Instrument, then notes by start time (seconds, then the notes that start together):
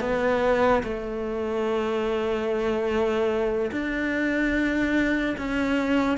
cello
0.00 B3
0.83 A3
3.71 D4
5.38 C#4